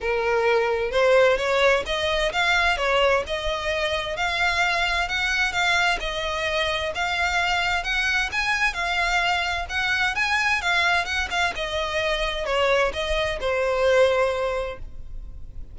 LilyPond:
\new Staff \with { instrumentName = "violin" } { \time 4/4 \tempo 4 = 130 ais'2 c''4 cis''4 | dis''4 f''4 cis''4 dis''4~ | dis''4 f''2 fis''4 | f''4 dis''2 f''4~ |
f''4 fis''4 gis''4 f''4~ | f''4 fis''4 gis''4 f''4 | fis''8 f''8 dis''2 cis''4 | dis''4 c''2. | }